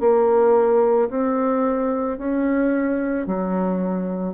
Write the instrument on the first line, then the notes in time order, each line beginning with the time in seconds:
bassoon
0.00 A#3
1.10 C4
2.18 C#4
3.26 F#3